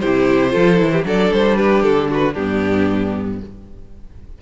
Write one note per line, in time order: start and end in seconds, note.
0.00 0.56 C3
0.00 0.51 E4
0.00 0.52 G4
0.00 1.04 C5
0.51 0.81 F3
0.51 0.77 F4
0.51 0.92 A4
0.77 1.05 E3
0.77 1.03 E4
0.92 1.05 G4
1.04 1.31 F#3
1.04 2.35 D4
1.04 1.58 A4
1.04 1.34 D5
1.31 1.83 G3
1.31 1.57 C5
1.57 2.10 G4
1.57 1.83 B4
1.83 2.36 D3
1.83 2.09 A4
2.10 2.34 F#4
2.10 2.34 B4
2.34 3.41 G2
2.34 3.42 B3
2.34 3.39 D4
2.34 3.39 G4